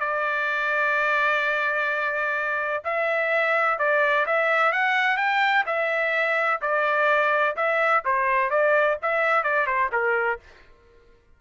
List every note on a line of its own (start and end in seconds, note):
0.00 2.83 D5
2.84 3.79 E5
3.79 4.26 D5
4.26 4.72 E5
4.72 5.17 F#5
5.17 5.64 G5
5.66 6.61 E5
6.61 7.56 D5
7.57 8.04 E5
8.05 8.50 C5
8.50 8.97 D5
9.02 9.43 E5
9.43 9.67 D5
9.67 9.90 C5
9.92 10.39 A#4